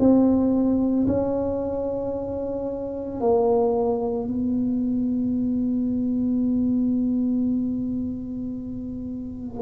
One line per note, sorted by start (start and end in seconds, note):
0.00 1.07 C4
1.07 3.21 C#4
3.21 4.28 A#3
4.28 9.62 B3